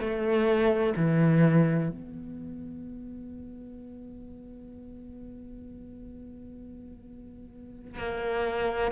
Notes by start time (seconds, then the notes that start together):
0.00 A3
0.96 E3
1.90 B3
7.99 A#3